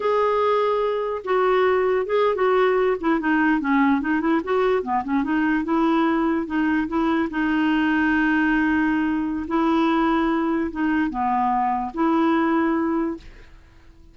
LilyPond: \new Staff \with { instrumentName = "clarinet" } { \time 4/4 \tempo 4 = 146 gis'2. fis'4~ | fis'4 gis'8. fis'4. e'8 dis'16~ | dis'8. cis'4 dis'8 e'8 fis'4 b16~ | b16 cis'8 dis'4 e'2 dis'16~ |
dis'8. e'4 dis'2~ dis'16~ | dis'2. e'4~ | e'2 dis'4 b4~ | b4 e'2. | }